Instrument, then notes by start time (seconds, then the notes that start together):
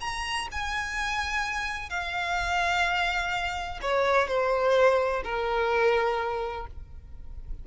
violin
0.00 A#5
0.51 G#5
1.89 F5
3.81 C#5
4.27 C5
5.24 A#4